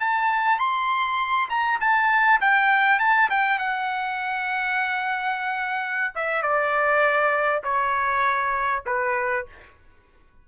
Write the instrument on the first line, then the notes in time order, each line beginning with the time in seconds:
trumpet
0.00 A5
0.59 C6
1.50 A#5
1.81 A5
2.41 G5
2.99 A5
3.30 G5
3.59 F#5
6.15 E5
6.43 D5
7.64 C#5
8.86 B4